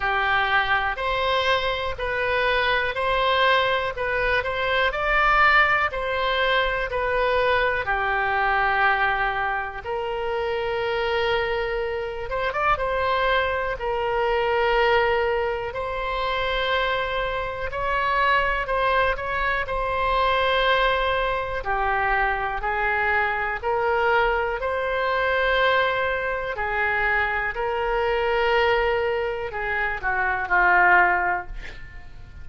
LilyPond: \new Staff \with { instrumentName = "oboe" } { \time 4/4 \tempo 4 = 61 g'4 c''4 b'4 c''4 | b'8 c''8 d''4 c''4 b'4 | g'2 ais'2~ | ais'8 c''16 d''16 c''4 ais'2 |
c''2 cis''4 c''8 cis''8 | c''2 g'4 gis'4 | ais'4 c''2 gis'4 | ais'2 gis'8 fis'8 f'4 | }